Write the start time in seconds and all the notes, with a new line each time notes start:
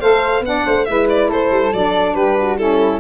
0.00 A3 A4 C5 F5
0.41 B3 D4 F#5
0.49 D5
0.66 A3 C5
0.85 G#3 E4 B4 E5
1.09 D5
1.29 A3 A4 C5
1.51 G3
1.73 F#3 D4 D5
2.14 G3 G4 B4
2.37 F#4
2.57 C#4 E4 A4